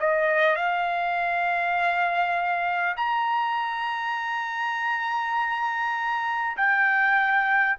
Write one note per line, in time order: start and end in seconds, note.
0.00 0.56 D#5
0.56 2.96 F5
2.96 6.56 A#5
6.57 7.77 G5